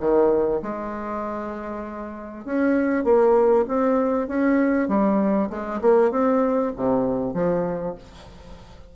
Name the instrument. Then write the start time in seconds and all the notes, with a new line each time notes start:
bassoon
0.00 D#3
0.62 G#3
2.45 C#4
3.04 A#3
3.68 C4
4.28 C#4
4.88 G3
5.50 G#3
5.81 A#3
6.11 C4
6.76 C3
7.34 F3